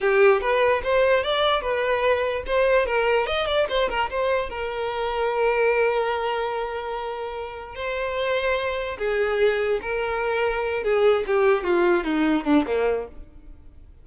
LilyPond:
\new Staff \with { instrumentName = "violin" } { \time 4/4 \tempo 4 = 147 g'4 b'4 c''4 d''4 | b'2 c''4 ais'4 | dis''8 d''8 c''8 ais'8 c''4 ais'4~ | ais'1~ |
ais'2. c''4~ | c''2 gis'2 | ais'2~ ais'8 gis'4 g'8~ | g'8 f'4 dis'4 d'8 ais4 | }